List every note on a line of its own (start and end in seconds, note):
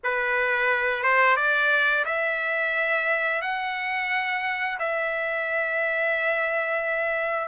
0.03 1.03 B4
1.03 1.36 C5
1.36 2.04 D5
2.05 3.41 E5
3.41 4.78 F#5
4.79 7.48 E5